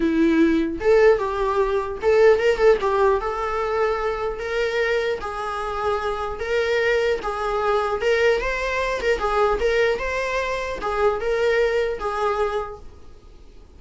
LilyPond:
\new Staff \with { instrumentName = "viola" } { \time 4/4 \tempo 4 = 150 e'2 a'4 g'4~ | g'4 a'4 ais'8 a'8 g'4 | a'2. ais'4~ | ais'4 gis'2. |
ais'2 gis'2 | ais'4 c''4. ais'8 gis'4 | ais'4 c''2 gis'4 | ais'2 gis'2 | }